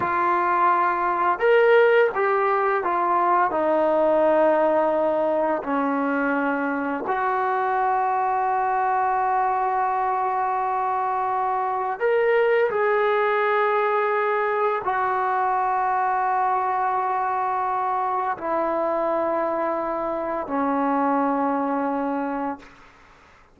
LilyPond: \new Staff \with { instrumentName = "trombone" } { \time 4/4 \tempo 4 = 85 f'2 ais'4 g'4 | f'4 dis'2. | cis'2 fis'2~ | fis'1~ |
fis'4 ais'4 gis'2~ | gis'4 fis'2.~ | fis'2 e'2~ | e'4 cis'2. | }